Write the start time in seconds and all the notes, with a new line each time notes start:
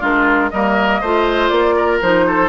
0.00 G#3 D4 F4 A#4
0.50 G3 A#3 A#4 D#5
1.01 A3 F4 C5
1.49 A#3 D5
1.76 A#4
2.02 F3 D#4 C5
2.27 A4